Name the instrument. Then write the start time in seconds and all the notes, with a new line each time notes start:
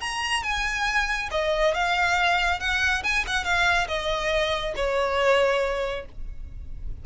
violin
0.00 A#5
0.43 G#5
1.31 D#5
1.74 F5
2.59 F#5
3.03 G#5
3.27 F#5
3.44 F5
3.88 D#5
4.75 C#5